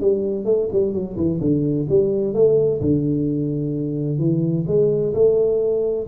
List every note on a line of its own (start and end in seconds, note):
0.00 0.45 G3
0.45 0.68 A3
0.72 0.93 G3
0.93 1.16 F#3
1.16 1.39 E3
1.40 1.87 D3
1.89 2.34 G3
2.34 2.80 A3
2.81 4.18 D3
4.18 4.65 E3
4.67 5.13 G#3
5.14 6.07 A3